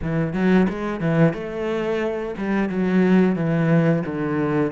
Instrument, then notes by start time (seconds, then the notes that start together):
cello
0.02 E3
0.33 F#3
0.69 G#3
1.00 E3
1.33 A3
2.37 G3
2.69 F#3
3.35 E3
4.05 D3